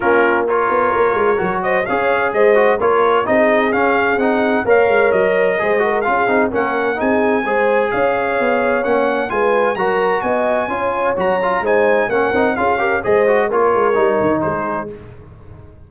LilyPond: <<
  \new Staff \with { instrumentName = "trumpet" } { \time 4/4 \tempo 4 = 129 ais'4 cis''2~ cis''8 dis''8 | f''4 dis''4 cis''4 dis''4 | f''4 fis''4 f''4 dis''4~ | dis''4 f''4 fis''4 gis''4~ |
gis''4 f''2 fis''4 | gis''4 ais''4 gis''2 | ais''4 gis''4 fis''4 f''4 | dis''4 cis''2 c''4 | }
  \new Staff \with { instrumentName = "horn" } { \time 4/4 f'4 ais'2~ ais'8 c''8 | cis''4 c''4 ais'4 gis'4~ | gis'2 cis''2 | c''8 ais'8 gis'4 ais'4 gis'4 |
c''4 cis''2. | b'4 ais'4 dis''4 cis''4~ | cis''4 c''4 ais'4 gis'8 ais'8 | c''4 ais'2 gis'4 | }
  \new Staff \with { instrumentName = "trombone" } { \time 4/4 cis'4 f'2 fis'4 | gis'4. fis'8 f'4 dis'4 | cis'4 dis'4 ais'2 | gis'8 fis'8 f'8 dis'8 cis'4 dis'4 |
gis'2. cis'4 | f'4 fis'2 f'4 | fis'8 f'8 dis'4 cis'8 dis'8 f'8 g'8 | gis'8 fis'8 f'4 dis'2 | }
  \new Staff \with { instrumentName = "tuba" } { \time 4/4 ais4. b8 ais8 gis8 fis4 | cis'4 gis4 ais4 c'4 | cis'4 c'4 ais8 gis8 fis4 | gis4 cis'8 c'8 ais4 c'4 |
gis4 cis'4 b4 ais4 | gis4 fis4 b4 cis'4 | fis4 gis4 ais8 c'8 cis'4 | gis4 ais8 gis8 g8 dis8 gis4 | }
>>